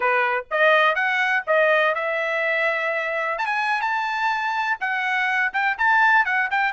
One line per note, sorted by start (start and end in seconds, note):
0.00 0.45 B4
0.50 0.95 D#5
0.95 1.43 F#5
1.46 1.94 D#5
1.94 3.38 E5
3.38 3.46 A5
3.46 3.81 G#5
3.81 4.77 A5
4.80 5.52 F#5
5.53 5.77 G5
5.78 6.25 A5
6.25 6.49 F#5
6.50 6.72 G5